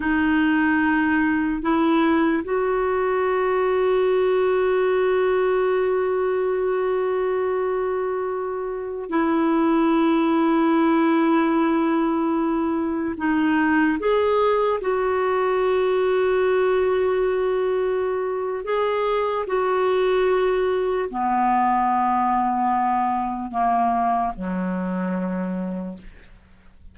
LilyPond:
\new Staff \with { instrumentName = "clarinet" } { \time 4/4 \tempo 4 = 74 dis'2 e'4 fis'4~ | fis'1~ | fis'2.~ fis'16 e'8.~ | e'1~ |
e'16 dis'4 gis'4 fis'4.~ fis'16~ | fis'2. gis'4 | fis'2 b2~ | b4 ais4 fis2 | }